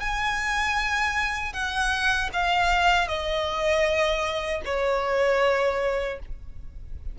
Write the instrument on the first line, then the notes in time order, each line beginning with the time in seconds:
violin
0.00 G#5
1.53 F#5
2.33 F5
3.08 D#5
4.65 C#5